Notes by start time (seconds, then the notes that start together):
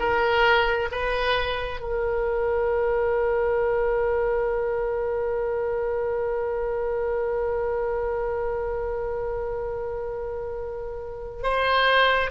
0.00 A#4
0.92 B4
1.81 A#4
11.43 C5